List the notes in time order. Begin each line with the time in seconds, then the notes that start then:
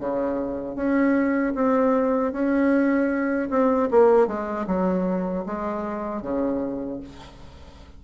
0.00 C#3
0.76 C#4
1.55 C4
2.33 C#4
3.50 C4
3.91 A#3
4.28 G#3
4.67 F#3
5.47 G#3
6.22 C#3